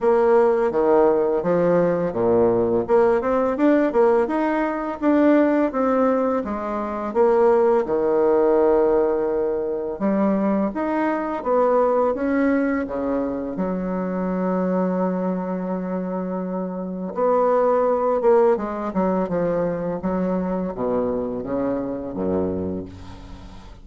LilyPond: \new Staff \with { instrumentName = "bassoon" } { \time 4/4 \tempo 4 = 84 ais4 dis4 f4 ais,4 | ais8 c'8 d'8 ais8 dis'4 d'4 | c'4 gis4 ais4 dis4~ | dis2 g4 dis'4 |
b4 cis'4 cis4 fis4~ | fis1 | b4. ais8 gis8 fis8 f4 | fis4 b,4 cis4 fis,4 | }